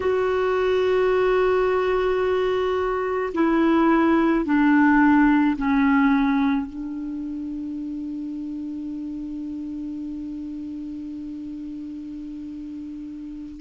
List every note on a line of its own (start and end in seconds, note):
0.00 3.32 F#4
3.34 4.45 E4
4.45 5.56 D4
5.57 6.66 C#4
6.66 13.60 D4